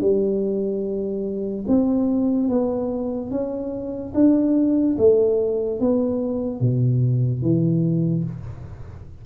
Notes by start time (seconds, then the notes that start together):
0.00 G3
1.67 C4
2.48 B3
3.30 C#4
4.14 D4
4.98 A3
5.79 B3
6.60 B2
7.42 E3